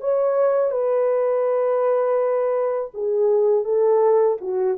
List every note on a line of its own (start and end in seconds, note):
0.00 0.71 C#5
0.71 2.90 B4
2.94 3.64 G#4
3.64 4.37 A4
4.40 4.77 F#4